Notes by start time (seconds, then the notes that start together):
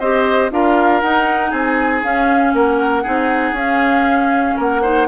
0.00 C4 G4 C5 D#5
0.51 D4 F4 A#4 F5
1.01 D#4 F#5
1.51 C4 G#4 G#5
2.04 C#4 F5
2.54 A#3 A#4 F#5
3.03 C4 D#4 G#4
3.52 C#4 F5
4.57 A#3 A#4 F#5
4.82 D#4 C5